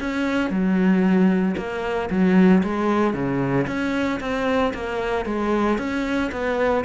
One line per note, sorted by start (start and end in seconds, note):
0.00 0.50 C#4
0.50 1.56 F#3
1.57 2.10 A#3
2.11 2.63 F#3
2.64 3.14 G#3
3.14 3.67 C#3
3.67 4.20 C#4
4.21 4.73 C4
4.74 5.26 A#3
5.26 5.78 G#3
5.79 6.31 C#4
6.32 6.85 B3